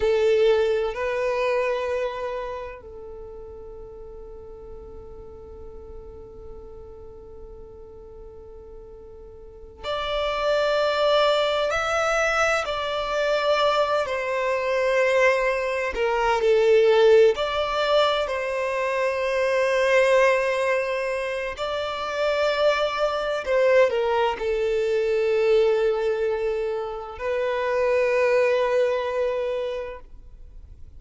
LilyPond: \new Staff \with { instrumentName = "violin" } { \time 4/4 \tempo 4 = 64 a'4 b'2 a'4~ | a'1~ | a'2~ a'8 d''4.~ | d''8 e''4 d''4. c''4~ |
c''4 ais'8 a'4 d''4 c''8~ | c''2. d''4~ | d''4 c''8 ais'8 a'2~ | a'4 b'2. | }